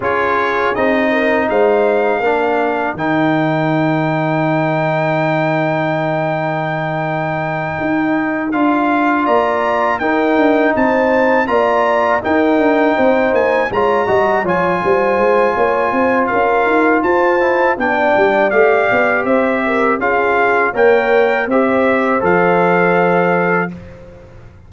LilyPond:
<<
  \new Staff \with { instrumentName = "trumpet" } { \time 4/4 \tempo 4 = 81 cis''4 dis''4 f''2 | g''1~ | g''2.~ g''8 f''8~ | f''8 ais''4 g''4 a''4 ais''8~ |
ais''8 g''4. gis''8 ais''4 gis''8~ | gis''2 f''4 a''4 | g''4 f''4 e''4 f''4 | g''4 e''4 f''2 | }
  \new Staff \with { instrumentName = "horn" } { \time 4/4 gis'4. ais'8 c''4 ais'4~ | ais'1~ | ais'1~ | ais'8 d''4 ais'4 c''4 d''8~ |
d''8 ais'4 c''4 cis''8 dis''8 cis''8 | c''4 cis''8 c''8 ais'4 c''4 | d''2 c''8 ais'8 gis'4 | cis''4 c''2. | }
  \new Staff \with { instrumentName = "trombone" } { \time 4/4 f'4 dis'2 d'4 | dis'1~ | dis'2.~ dis'8 f'8~ | f'4. dis'2 f'8~ |
f'8 dis'2 f'8 fis'8 f'8~ | f'2.~ f'8 e'8 | d'4 g'2 f'4 | ais'4 g'4 a'2 | }
  \new Staff \with { instrumentName = "tuba" } { \time 4/4 cis'4 c'4 gis4 ais4 | dis1~ | dis2~ dis8 dis'4 d'8~ | d'8 ais4 dis'8 d'8 c'4 ais8~ |
ais8 dis'8 d'8 c'8 ais8 gis8 g8 f8 | g8 gis8 ais8 c'8 cis'8 dis'8 f'4 | b8 g8 a8 b8 c'4 cis'4 | ais4 c'4 f2 | }
>>